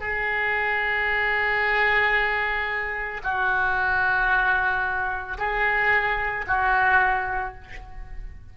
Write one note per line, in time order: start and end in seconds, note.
0.00 3.21 G#4
3.23 5.38 F#4
5.38 6.45 G#4
6.47 7.54 F#4